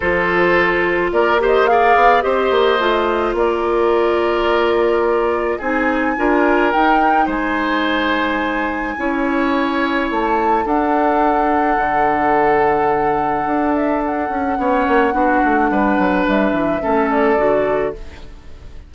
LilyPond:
<<
  \new Staff \with { instrumentName = "flute" } { \time 4/4 \tempo 4 = 107 c''2 d''8 dis''8 f''4 | dis''2 d''2~ | d''2 gis''2 | g''4 gis''2.~ |
gis''2 a''4 fis''4~ | fis''1~ | fis''8 e''8 fis''2.~ | fis''4 e''4. d''4. | }
  \new Staff \with { instrumentName = "oboe" } { \time 4/4 a'2 ais'8 c''8 d''4 | c''2 ais'2~ | ais'2 gis'4 ais'4~ | ais'4 c''2. |
cis''2. a'4~ | a'1~ | a'2 cis''4 fis'4 | b'2 a'2 | }
  \new Staff \with { instrumentName = "clarinet" } { \time 4/4 f'2~ f'8 g'8 gis'4 | g'4 f'2.~ | f'2 dis'4 f'4 | dis'1 |
e'2. d'4~ | d'1~ | d'2 cis'4 d'4~ | d'2 cis'4 fis'4 | }
  \new Staff \with { instrumentName = "bassoon" } { \time 4/4 f2 ais4. b8 | c'8 ais8 a4 ais2~ | ais2 c'4 d'4 | dis'4 gis2. |
cis'2 a4 d'4~ | d'4 d2. | d'4. cis'8 b8 ais8 b8 a8 | g8 fis8 g8 e8 a4 d4 | }
>>